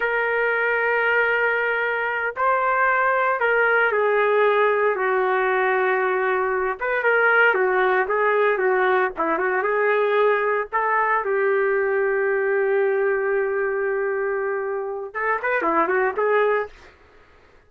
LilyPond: \new Staff \with { instrumentName = "trumpet" } { \time 4/4 \tempo 4 = 115 ais'1~ | ais'8 c''2 ais'4 gis'8~ | gis'4. fis'2~ fis'8~ | fis'4 b'8 ais'4 fis'4 gis'8~ |
gis'8 fis'4 e'8 fis'8 gis'4.~ | gis'8 a'4 g'2~ g'8~ | g'1~ | g'4 a'8 b'8 e'8 fis'8 gis'4 | }